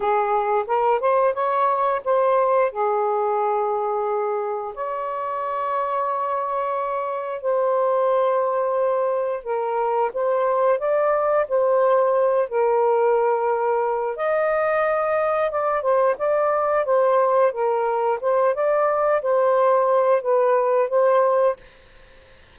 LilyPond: \new Staff \with { instrumentName = "saxophone" } { \time 4/4 \tempo 4 = 89 gis'4 ais'8 c''8 cis''4 c''4 | gis'2. cis''4~ | cis''2. c''4~ | c''2 ais'4 c''4 |
d''4 c''4. ais'4.~ | ais'4 dis''2 d''8 c''8 | d''4 c''4 ais'4 c''8 d''8~ | d''8 c''4. b'4 c''4 | }